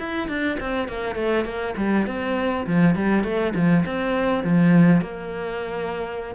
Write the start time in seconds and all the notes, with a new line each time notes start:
0.00 E4
0.28 D4
0.60 C4
0.89 A#3
1.16 A3
1.45 A#3
1.77 G3
2.07 C4
2.67 F3
2.96 G3
3.24 A3
3.55 F3
3.86 C4
4.44 F3
5.02 A#3